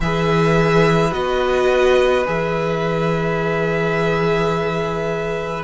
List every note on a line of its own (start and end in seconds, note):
0.00 1.12 E3
0.00 1.11 G#4
0.00 5.63 B4
0.00 1.13 E5
1.11 2.25 B3
1.11 2.24 F#4
1.11 2.26 D#5
2.25 5.63 E3
2.25 5.63 G#4
2.25 5.63 E5